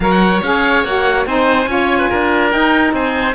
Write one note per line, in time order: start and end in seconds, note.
0.00 0.41 F#3
0.00 0.43 A#4
0.00 1.27 C#5
0.00 0.41 F#5
0.42 0.84 C#4
0.42 0.85 G#4
0.42 0.84 F5
0.84 1.26 A#3
0.84 1.26 F#4
0.84 1.26 F#5
1.26 1.65 C4
1.26 1.67 D#4
1.26 1.69 C5
1.26 2.51 G#5
1.65 2.07 C#4
1.65 2.50 F4
1.65 1.98 C#5
1.98 2.08 B4
2.10 2.54 D4
2.10 2.94 A#4
2.50 3.33 D#4
2.50 2.92 D#4
2.50 2.93 G5
2.92 3.34 C4
2.92 3.34 C5
2.92 3.34 G#5